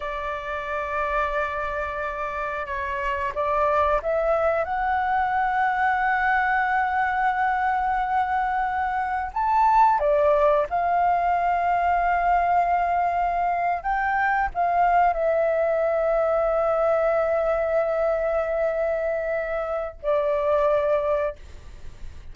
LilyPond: \new Staff \with { instrumentName = "flute" } { \time 4/4 \tempo 4 = 90 d''1 | cis''4 d''4 e''4 fis''4~ | fis''1~ | fis''2 a''4 d''4 |
f''1~ | f''8. g''4 f''4 e''4~ e''16~ | e''1~ | e''2 d''2 | }